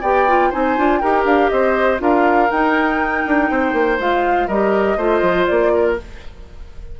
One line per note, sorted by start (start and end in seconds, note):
0.00 0.51 B3
0.00 0.28 G4
0.00 0.49 D5
0.00 0.51 G5
0.28 0.52 F4
0.49 0.77 C4
0.49 0.77 D#4
0.49 0.99 C5
0.49 0.98 G#5
0.77 1.02 D4
0.77 1.01 F4
0.98 1.24 D#4
0.98 1.98 G4
0.98 1.50 A#4
0.98 1.23 G5
1.24 1.49 D4
1.24 1.49 F5
1.49 2.00 C4
1.49 2.02 C5
1.49 1.99 D#5
1.98 2.49 D4
1.98 2.48 F4
1.98 3.50 A#4
1.98 2.51 F5
2.50 3.24 D#4
2.50 3.99 D#4
2.50 3.99 G5
3.26 3.50 D4
3.50 3.73 C4
3.50 4.47 C5
3.73 3.97 A#3
3.99 4.48 G#3
3.99 4.49 F4
3.99 4.47 F5
4.47 4.96 G3
4.47 4.98 G4
4.47 4.97 A#4
4.47 5.46 D#5
4.96 5.21 A3
4.96 5.97 F4
4.96 5.71 C5
5.21 5.46 F3
5.46 6.00 A#3
5.46 5.95 D5
5.74 5.99 A#4